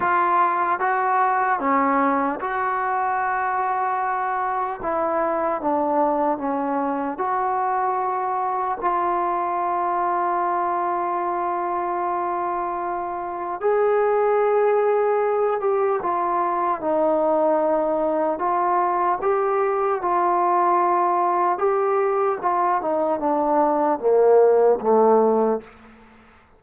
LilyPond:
\new Staff \with { instrumentName = "trombone" } { \time 4/4 \tempo 4 = 75 f'4 fis'4 cis'4 fis'4~ | fis'2 e'4 d'4 | cis'4 fis'2 f'4~ | f'1~ |
f'4 gis'2~ gis'8 g'8 | f'4 dis'2 f'4 | g'4 f'2 g'4 | f'8 dis'8 d'4 ais4 a4 | }